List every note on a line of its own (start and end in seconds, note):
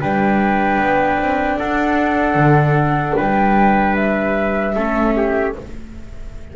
0.00 0.78 G3
0.00 4.75 D4
0.00 1.58 B4
0.00 1.58 G5
0.78 1.18 B3
1.18 1.58 C4
1.58 2.34 D4
1.58 3.16 A4
1.58 3.16 F#5
2.34 3.13 D3
3.16 4.75 G3
3.16 4.74 B4
3.16 3.95 G5
3.95 5.53 E5
4.75 5.54 A3
4.75 5.54 C#4
4.75 5.14 A4
5.16 5.56 G4